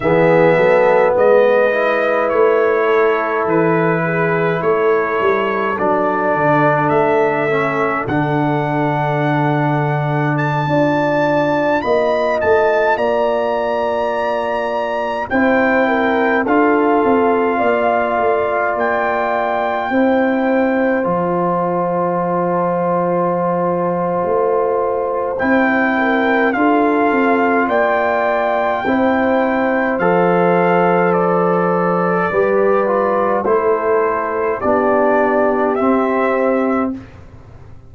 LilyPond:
<<
  \new Staff \with { instrumentName = "trumpet" } { \time 4/4 \tempo 4 = 52 e''4 dis''4 cis''4 b'4 | cis''4 d''4 e''4 fis''4~ | fis''4 a''4~ a''16 b''8 a''8 ais''8.~ | ais''4~ ais''16 g''4 f''4.~ f''16~ |
f''16 g''2 a''4.~ a''16~ | a''2 g''4 f''4 | g''2 f''4 d''4~ | d''4 c''4 d''4 e''4 | }
  \new Staff \with { instrumentName = "horn" } { \time 4/4 gis'8 a'8 b'4. a'4 gis'8 | a'1~ | a'4~ a'16 d''4 dis''4 d''8.~ | d''4~ d''16 c''8 ais'8 a'4 d''8.~ |
d''4~ d''16 c''2~ c''8.~ | c''2~ c''8 ais'8 a'4 | d''4 c''2. | b'4 a'4 g'2 | }
  \new Staff \with { instrumentName = "trombone" } { \time 4/4 b4. e'2~ e'8~ | e'4 d'4. cis'8 d'4~ | d'4~ d'16 f'2~ f'8.~ | f'4~ f'16 e'4 f'4.~ f'16~ |
f'4~ f'16 e'4 f'4.~ f'16~ | f'2 e'4 f'4~ | f'4 e'4 a'2 | g'8 f'8 e'4 d'4 c'4 | }
  \new Staff \with { instrumentName = "tuba" } { \time 4/4 e8 fis8 gis4 a4 e4 | a8 g8 fis8 d8 a4 d4~ | d4~ d16 d'4 ais8 a8 ais8.~ | ais4~ ais16 c'4 d'8 c'8 ais8 a16~ |
a16 ais4 c'4 f4.~ f16~ | f4 a4 c'4 d'8 c'8 | ais4 c'4 f2 | g4 a4 b4 c'4 | }
>>